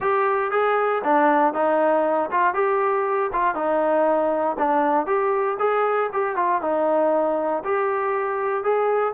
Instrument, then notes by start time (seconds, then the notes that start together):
trombone
0.00 G4
0.51 G#4
1.04 D4
1.53 D#4
2.31 F4
2.54 G4
3.32 F4
3.55 D#4
4.58 D4
5.06 G4
5.59 G#4
6.12 G4
6.36 F4
6.61 D#4
7.64 G4
8.63 G#4